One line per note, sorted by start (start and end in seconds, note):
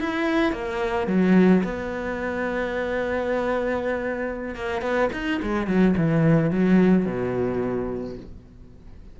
0.00 0.52 E4
0.52 1.07 A#3
1.07 1.63 F#3
1.64 4.55 B3
4.55 4.82 A#3
4.82 5.10 B3
5.13 5.41 D#4
5.43 5.67 G#3
5.67 5.95 F#3
5.97 6.51 E3
6.51 7.06 F#3
7.06 8.17 B2